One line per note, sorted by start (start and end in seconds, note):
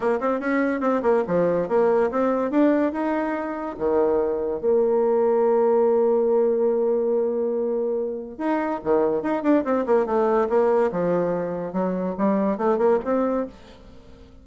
0.00 0.19 A#3
0.20 0.40 C4
0.40 0.80 C#4
0.80 1.01 C4
1.02 1.23 A#3
1.27 1.68 F3
1.68 2.10 A#3
2.10 2.50 C4
2.50 2.92 D4
2.92 3.76 D#4
3.78 4.60 D#3
4.60 8.38 A#3
8.38 8.80 D#4
8.84 9.22 D#3
9.22 9.43 D#4
9.43 9.64 D4
9.64 9.85 C4
9.86 10.06 A#3
10.06 10.48 A3
10.49 10.91 A#3
10.91 11.72 F3
11.72 12.14 F#3
12.18 12.57 G3
12.57 12.78 A3
12.78 12.99 A#3
13.04 13.46 C4